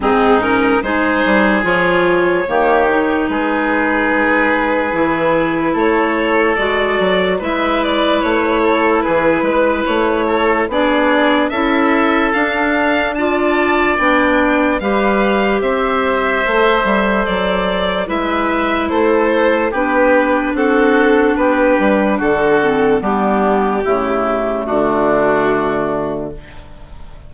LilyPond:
<<
  \new Staff \with { instrumentName = "violin" } { \time 4/4 \tempo 4 = 73 gis'8 ais'8 c''4 cis''2 | b'2. cis''4 | d''4 e''8 d''8 cis''4 b'4 | cis''4 d''4 e''4 f''4 |
a''4 g''4 f''4 e''4~ | e''4 d''4 e''4 c''4 | b'4 a'4 b'4 a'4 | g'2 fis'2 | }
  \new Staff \with { instrumentName = "oboe" } { \time 4/4 dis'4 gis'2 g'4 | gis'2. a'4~ | a'4 b'4. a'8 gis'8 b'8~ | b'8 a'8 gis'4 a'2 |
d''2 b'4 c''4~ | c''2 b'4 a'4 | g'4 fis'4 g'4 fis'4 | d'4 e'4 d'2 | }
  \new Staff \with { instrumentName = "clarinet" } { \time 4/4 c'8 cis'8 dis'4 f'4 ais8 dis'8~ | dis'2 e'2 | fis'4 e'2.~ | e'4 d'4 e'4 d'4 |
f'4 d'4 g'2 | a'2 e'2 | d'2.~ d'8 c'8 | b4 a2. | }
  \new Staff \with { instrumentName = "bassoon" } { \time 4/4 gis,4 gis8 g8 f4 dis4 | gis2 e4 a4 | gis8 fis8 gis4 a4 e8 gis8 | a4 b4 cis'4 d'4~ |
d'4 b4 g4 c'4 | a8 g8 fis4 gis4 a4 | b4 c'4 b8 g8 d4 | g4 cis4 d2 | }
>>